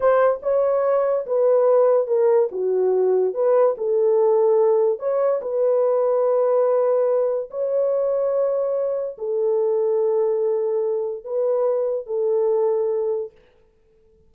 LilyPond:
\new Staff \with { instrumentName = "horn" } { \time 4/4 \tempo 4 = 144 c''4 cis''2 b'4~ | b'4 ais'4 fis'2 | b'4 a'2. | cis''4 b'2.~ |
b'2 cis''2~ | cis''2 a'2~ | a'2. b'4~ | b'4 a'2. | }